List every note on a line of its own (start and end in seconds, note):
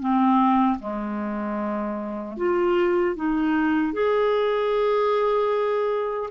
0.00 0.79 C4
0.79 2.37 G#3
2.37 3.16 F4
3.16 3.93 D#4
3.93 6.30 G#4